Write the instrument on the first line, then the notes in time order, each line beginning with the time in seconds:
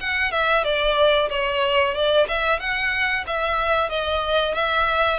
violin
0.00 F#5
0.32 E5
0.64 D5
1.30 C#5
1.94 D5
2.28 E5
2.60 F#5
3.27 E5
3.90 D#5
4.54 E5